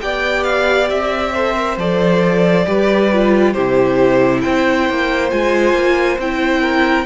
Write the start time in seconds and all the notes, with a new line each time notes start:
0.00 B3 G4 D5 G5
0.44 F5
0.90 C4 E5
1.34 A4 C5
1.56 A#4
1.77 F3 A4 D5
2.66 G3 G4 B4
3.13 F4
3.53 C3 E4 G4 C5
4.42 C4 C5 G5
4.89 A#3
5.30 G#3 F4 G#5
5.74 A#3
6.18 C4 E4 G5
6.61 A#4